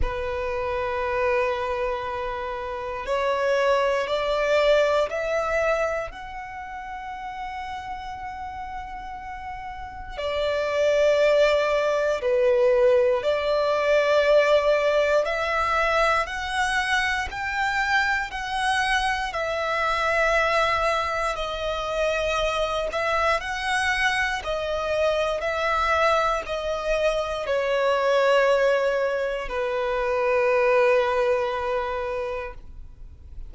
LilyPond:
\new Staff \with { instrumentName = "violin" } { \time 4/4 \tempo 4 = 59 b'2. cis''4 | d''4 e''4 fis''2~ | fis''2 d''2 | b'4 d''2 e''4 |
fis''4 g''4 fis''4 e''4~ | e''4 dis''4. e''8 fis''4 | dis''4 e''4 dis''4 cis''4~ | cis''4 b'2. | }